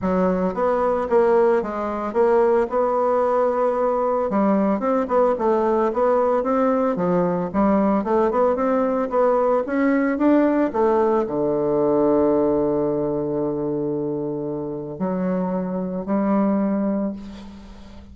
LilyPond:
\new Staff \with { instrumentName = "bassoon" } { \time 4/4 \tempo 4 = 112 fis4 b4 ais4 gis4 | ais4 b2. | g4 c'8 b8 a4 b4 | c'4 f4 g4 a8 b8 |
c'4 b4 cis'4 d'4 | a4 d2.~ | d1 | fis2 g2 | }